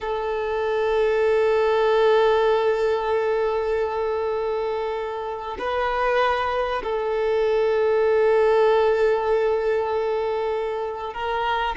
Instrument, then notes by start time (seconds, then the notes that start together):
violin
0.00 A4
5.58 B4
6.83 A4
11.13 A#4